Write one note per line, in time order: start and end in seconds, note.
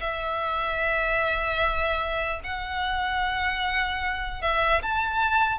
0.00 2.40 E5
2.44 4.42 F#5
4.42 4.82 E5
4.82 5.59 A5